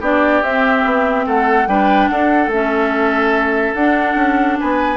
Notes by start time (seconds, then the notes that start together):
0.00 B3 D4 G4 D5
0.42 C4 E5
0.84 B3
1.26 A3 A4 F#5
1.66 G3 D4 B4 G5
2.08 D4 A4 F#5
2.47 A3 C#4 E5
3.74 D4 F#5
4.15 C#4
4.59 B3 B4 G#5